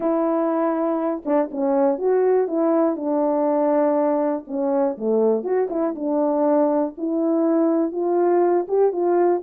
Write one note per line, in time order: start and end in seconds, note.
0.00 1.22 E4
1.25 1.50 D4
1.51 1.98 C#4
1.98 2.47 F#4
2.47 2.95 E4
2.95 4.44 D4
4.47 4.96 C#4
4.97 5.43 A3
5.43 5.68 F#4
5.70 5.94 E4
5.95 6.94 D4
6.97 7.92 E4
7.92 8.66 F4
8.68 8.92 G4
8.92 9.42 F4